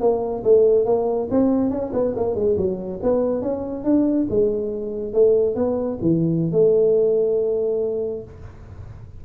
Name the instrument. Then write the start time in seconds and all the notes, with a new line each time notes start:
tuba
0.00 A#3
0.44 A3
0.85 A#3
1.31 C4
1.70 C#4
1.93 B3
2.16 A#3
2.35 G#3
2.57 F#3
3.02 B3
3.42 C#4
3.84 D4
4.30 G#3
5.14 A3
5.55 B3
6.01 E3
6.52 A3